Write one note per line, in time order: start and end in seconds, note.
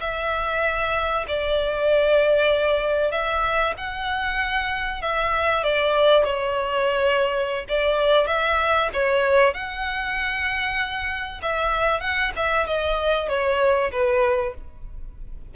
0.00 1.25 E5
1.28 3.11 D5
3.11 3.74 E5
3.77 5.01 F#5
5.01 5.63 E5
5.63 6.24 D5
6.24 7.65 C#5
7.68 8.26 D5
8.26 8.89 E5
8.93 9.53 C#5
9.53 11.41 F#5
11.42 12.00 E5
12.00 12.32 F#5
12.36 12.66 E5
12.66 13.28 D#5
13.28 13.91 C#5
13.91 14.54 B4